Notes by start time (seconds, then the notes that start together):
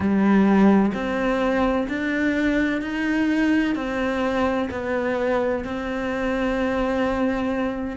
0.00 G3
0.94 C4
1.88 D4
2.81 D#4
3.75 C4
4.70 B3
5.64 C4